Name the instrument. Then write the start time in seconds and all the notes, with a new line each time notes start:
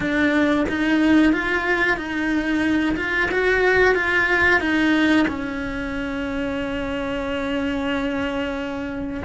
cello
0.00 D4
0.68 D#4
1.32 F4
1.96 D#4
2.96 F4
3.31 F#4
3.94 F4
4.60 D#4
5.27 C#4